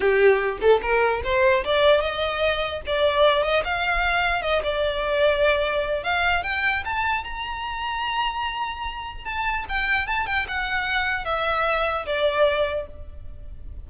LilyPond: \new Staff \with { instrumentName = "violin" } { \time 4/4 \tempo 4 = 149 g'4. a'8 ais'4 c''4 | d''4 dis''2 d''4~ | d''8 dis''8 f''2 dis''8 d''8~ | d''2. f''4 |
g''4 a''4 ais''2~ | ais''2. a''4 | g''4 a''8 g''8 fis''2 | e''2 d''2 | }